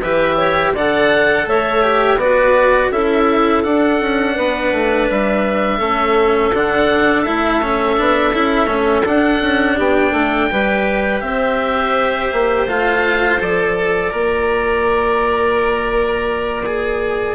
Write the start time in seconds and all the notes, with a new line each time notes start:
0.00 E3 G4 B4 E5
0.37 C#5
0.74 D3 A4 D5 F#5
1.46 A3 C#5 E5
1.82 G4
2.16 B3 F#4 B4 D5
2.91 C#4 E4 A4 E5
3.64 D4 F#5
4.00 C#4
4.35 B3 B4
4.72 A3
5.10 G3 E5
5.78 A3 C#4 A4
6.52 D3 D4 F#5
7.23 A3 E4 E5
7.62 C#4
7.97 B3 D4
8.33 C#4 E4
8.67 A3 C#4
9.04 D4 F#5
9.41 C#4
9.77 B3 G4 G5
10.11 A3 A4
10.51 G3 G4 B4
11.21 C4 C5 E5
12.33 A#3
12.67 A3 F4 F5
13.40 F3 A4 D5
13.76 F4
14.11 A#3 A#4
16.66 G#4